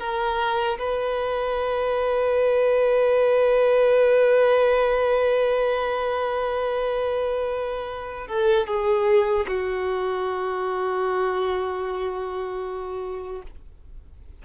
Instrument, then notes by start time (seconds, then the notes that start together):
violin
0.00 A#4
0.79 B4
8.28 A4
8.67 G#4
9.48 F#4